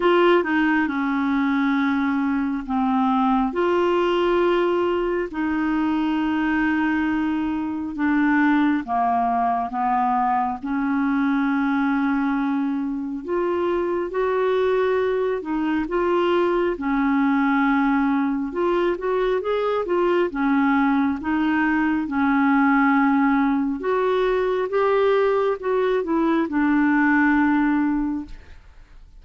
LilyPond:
\new Staff \with { instrumentName = "clarinet" } { \time 4/4 \tempo 4 = 68 f'8 dis'8 cis'2 c'4 | f'2 dis'2~ | dis'4 d'4 ais4 b4 | cis'2. f'4 |
fis'4. dis'8 f'4 cis'4~ | cis'4 f'8 fis'8 gis'8 f'8 cis'4 | dis'4 cis'2 fis'4 | g'4 fis'8 e'8 d'2 | }